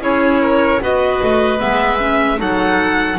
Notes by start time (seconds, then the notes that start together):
0.00 C#4 E4 G#4 C#5
0.41 A#4
0.81 B3 F#4 B4 D#5
1.22 A3
1.58 G#3 B3 E5
1.98 C#4
2.37 F#3 D#4 A4 F#5